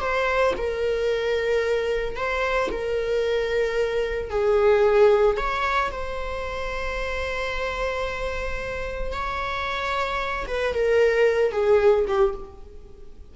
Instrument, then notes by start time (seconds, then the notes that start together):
viola
0.00 C5
0.57 A#4
2.16 C5
2.72 A#4
4.30 G#4
5.37 C#5
5.91 C5
9.12 C#5
10.47 B4
10.74 A#4
11.52 G#4
12.08 G4